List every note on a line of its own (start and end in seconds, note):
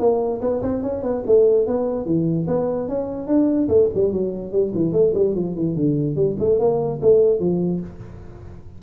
0.00 0.41 A#3
0.41 0.62 B3
0.62 0.83 C4
0.83 1.03 C#4
1.03 1.23 B3
1.27 1.67 A3
1.67 2.06 B3
2.06 2.47 E3
2.48 2.89 B3
2.89 3.27 C#4
3.27 3.68 D4
3.69 3.89 A3
3.95 4.13 G3
4.13 4.52 F#3
4.52 4.73 G3
4.75 4.93 E3
4.93 5.13 A3
5.15 5.35 G3
5.35 5.55 F3
5.55 5.76 E3
5.76 6.16 D3
6.16 6.37 G3
6.40 6.59 A3
6.59 7.00 A#3
7.02 7.40 A3
7.40 7.81 F3